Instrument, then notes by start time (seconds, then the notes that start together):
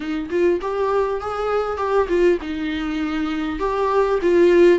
viola
0.00 D#4
0.30 F4
0.61 G4
1.20 G#4
1.77 G4
2.08 F4
2.41 D#4
3.59 G4
4.22 F4